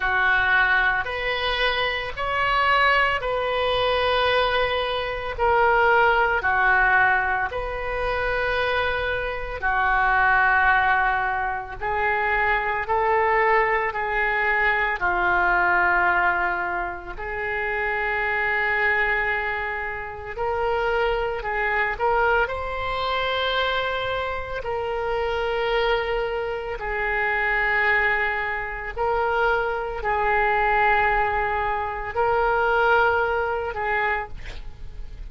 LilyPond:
\new Staff \with { instrumentName = "oboe" } { \time 4/4 \tempo 4 = 56 fis'4 b'4 cis''4 b'4~ | b'4 ais'4 fis'4 b'4~ | b'4 fis'2 gis'4 | a'4 gis'4 f'2 |
gis'2. ais'4 | gis'8 ais'8 c''2 ais'4~ | ais'4 gis'2 ais'4 | gis'2 ais'4. gis'8 | }